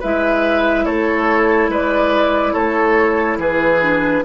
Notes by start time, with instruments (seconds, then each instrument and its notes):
0.00 bassoon G#3, clarinet E4, oboe B4, flute E5
0.85 bassoon A3, oboe A4, flute C#5
1.69 bassoon G#3, oboe B4, flute D5
2.53 bassoon A3, oboe A4, flute C#5
3.37 bassoon E3, oboe G#4, flute B4
3.82 clarinet D4